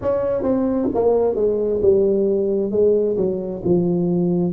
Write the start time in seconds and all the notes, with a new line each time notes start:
0.01 C#4
0.43 C4
0.94 A#3
1.35 G#3
1.82 G3
2.71 G#3
3.17 F#3
3.64 F3